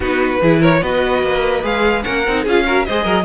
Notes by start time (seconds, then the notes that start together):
0.00 B3 D#4 F#4 B4
0.41 E3 E4 G#4
0.60 A#4 C#5
0.81 B3 F#4 B4 D#5
1.22 A#3
1.62 G#3 G#4 F5
2.02 A#3 C#4 A#4 F#5
2.27 C4 D#4
2.43 C#4 F4 G#4 F5
2.64 F#4 A#4
2.85 G#3 G#4 C5 D#5
3.04 F#3 A#4